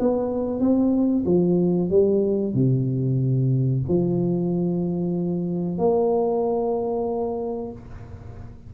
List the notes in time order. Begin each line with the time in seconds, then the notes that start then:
0.00 B3
0.61 C4
1.26 F3
1.90 G3
2.55 C3
3.89 F3
5.79 A#3